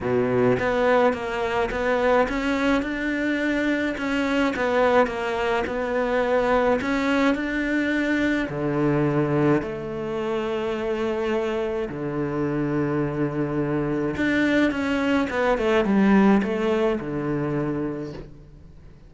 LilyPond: \new Staff \with { instrumentName = "cello" } { \time 4/4 \tempo 4 = 106 b,4 b4 ais4 b4 | cis'4 d'2 cis'4 | b4 ais4 b2 | cis'4 d'2 d4~ |
d4 a2.~ | a4 d2.~ | d4 d'4 cis'4 b8 a8 | g4 a4 d2 | }